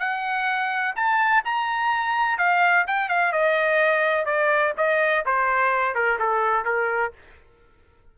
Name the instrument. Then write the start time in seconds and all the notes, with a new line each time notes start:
trumpet
0.00 F#5
0.96 A5
1.45 A#5
2.38 F5
2.87 G5
3.09 F5
3.32 D#5
4.26 D5
4.78 D#5
5.26 C5
5.95 A#4
6.19 A4
6.65 A#4